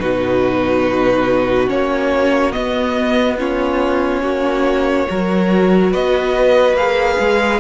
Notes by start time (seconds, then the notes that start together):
0.00 B2 D#4 F#4 B4
1.67 A#3 C#4 C#5
2.53 B3 D#5
3.39 C#4 F4 C#5
4.22 A#3 F#4
5.08 F#3 F#4 A#4
5.92 B3 B4 D#5
6.74 A#3 G#4 F5
7.20 G#3